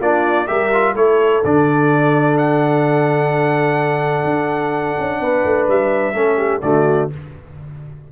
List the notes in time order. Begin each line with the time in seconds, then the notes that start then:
0.00 A#3 D4 F4 D5
0.47 G3 G4 A#4 E5
0.73 F4
0.94 A3 E4 A4 C#5
1.44 D3 D4 D5
2.37 F#5
4.24 D4
4.99 C#4
5.20 B3 B4
5.44 A3
5.68 G3 E5
6.14 A3 C#4 A4
6.37 G4
6.62 D3 A3 F#4 D5